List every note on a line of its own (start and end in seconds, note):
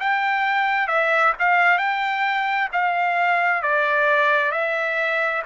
0.00 0.88 G5
0.88 1.33 E5
1.40 1.78 F5
1.78 2.69 G5
2.73 3.63 F5
3.63 4.52 D5
4.52 5.43 E5